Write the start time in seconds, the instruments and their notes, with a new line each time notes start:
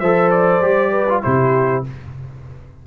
0.00 tuba F3, trombone A4, horn C5, trumpet E5
0.31 trumpet D5
0.62 tuba G3, trombone G4
0.92 horn B4
1.09 trombone F4
1.23 tuba C3, trombone E4, horn G4, trumpet C5